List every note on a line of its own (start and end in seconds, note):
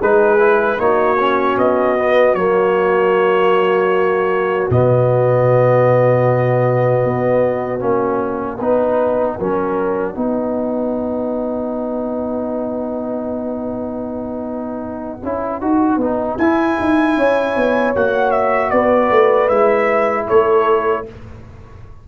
0.00 0.79 G#3
0.00 0.39 D#4
0.00 0.78 G#4
0.00 0.80 B4
0.39 0.78 E4
0.79 1.57 A#3
0.79 1.18 D#4
0.79 8.58 F#4
0.79 1.58 C#5
1.20 1.98 C#4
1.58 2.35 B3
1.58 2.35 D#5
1.98 2.37 B3
2.35 4.69 F#3
2.35 4.71 A#3
2.35 4.69 C#5
4.71 7.04 B2
4.71 7.80 B3
4.71 7.81 D#5
7.04 7.82 B3
7.80 8.60 A#3
7.80 8.58 C#4
7.80 16.38 F#5
8.58 9.38 B3
8.58 9.40 D#4
8.58 9.36 B4
9.38 10.16 F#3
9.38 10.15 C#4
9.38 10.15 A#4
10.15 15.23 B3
10.15 15.21 D#4
10.15 17.16 B4
15.23 15.61 C#4
15.23 15.62 E4
15.61 15.97 D#4
15.61 16.00 F#4
15.97 16.36 B3
15.97 16.40 D#4
16.38 16.77 E4
16.38 17.96 E4
16.38 17.94 G#5
16.80 17.17 D#4
17.17 17.56 C#4
17.17 18.72 C#5
17.56 17.95 B3
17.95 18.73 A#3
17.95 19.50 F#4
17.95 18.32 F#5
18.32 18.71 E5
18.71 19.11 B3
18.71 20.28 B4
18.71 19.49 D5
19.11 19.50 A3
19.49 20.28 G#3
19.49 21.06 E4
19.49 20.27 E5
20.28 21.08 A3
20.28 21.06 A4
20.28 21.06 C#5